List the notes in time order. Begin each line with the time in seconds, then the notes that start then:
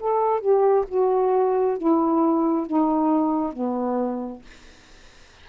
0.00 A4
0.40 G4
0.89 F#4
1.78 E4
2.67 D#4
3.53 B3